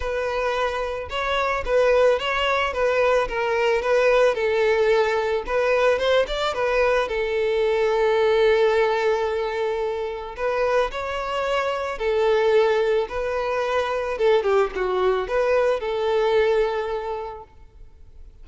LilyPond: \new Staff \with { instrumentName = "violin" } { \time 4/4 \tempo 4 = 110 b'2 cis''4 b'4 | cis''4 b'4 ais'4 b'4 | a'2 b'4 c''8 d''8 | b'4 a'2.~ |
a'2. b'4 | cis''2 a'2 | b'2 a'8 g'8 fis'4 | b'4 a'2. | }